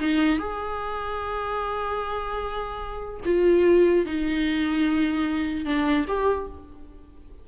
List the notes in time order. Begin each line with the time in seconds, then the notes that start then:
0.00 D#4
0.39 G#4
3.26 F4
4.06 D#4
5.66 D4
6.08 G4